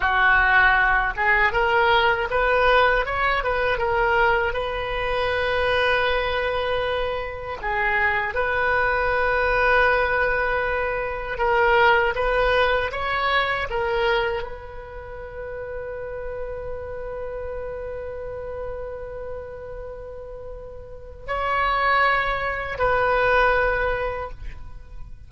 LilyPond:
\new Staff \with { instrumentName = "oboe" } { \time 4/4 \tempo 4 = 79 fis'4. gis'8 ais'4 b'4 | cis''8 b'8 ais'4 b'2~ | b'2 gis'4 b'4~ | b'2. ais'4 |
b'4 cis''4 ais'4 b'4~ | b'1~ | b'1 | cis''2 b'2 | }